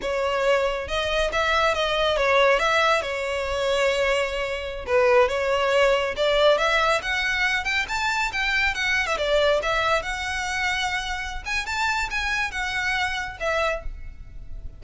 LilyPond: \new Staff \with { instrumentName = "violin" } { \time 4/4 \tempo 4 = 139 cis''2 dis''4 e''4 | dis''4 cis''4 e''4 cis''4~ | cis''2.~ cis''16 b'8.~ | b'16 cis''2 d''4 e''8.~ |
e''16 fis''4. g''8 a''4 g''8.~ | g''16 fis''8. e''16 d''4 e''4 fis''8.~ | fis''2~ fis''8 gis''8 a''4 | gis''4 fis''2 e''4 | }